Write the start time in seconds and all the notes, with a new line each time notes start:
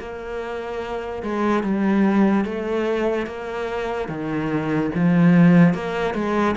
0.00 A#3
1.23 G#3
1.64 G3
2.45 A3
3.27 A#3
4.09 D#3
4.95 F3
5.75 A#3
6.15 G#3